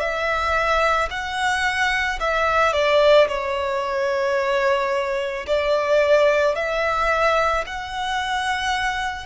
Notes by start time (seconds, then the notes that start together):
0.00 E5
1.10 F#5
2.20 E5
2.73 D5
3.28 C#5
5.47 D5
6.56 E5
7.67 F#5